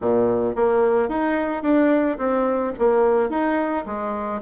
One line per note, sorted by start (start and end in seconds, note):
0.01 0.55 A#2
0.55 1.09 A#3
1.09 1.62 D#4
1.62 2.17 D4
2.17 2.72 C4
2.78 3.29 A#3
3.29 3.84 D#4
3.86 4.41 G#3